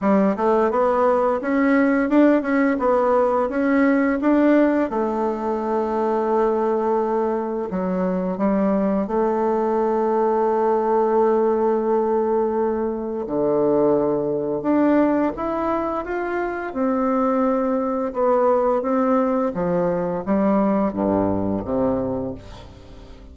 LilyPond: \new Staff \with { instrumentName = "bassoon" } { \time 4/4 \tempo 4 = 86 g8 a8 b4 cis'4 d'8 cis'8 | b4 cis'4 d'4 a4~ | a2. fis4 | g4 a2.~ |
a2. d4~ | d4 d'4 e'4 f'4 | c'2 b4 c'4 | f4 g4 g,4 c4 | }